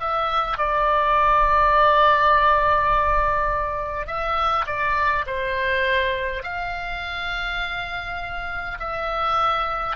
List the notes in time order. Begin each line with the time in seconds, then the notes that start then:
0.00 E5
0.58 D5
4.06 E5
4.66 D5
5.26 C5
6.43 F5
8.80 E5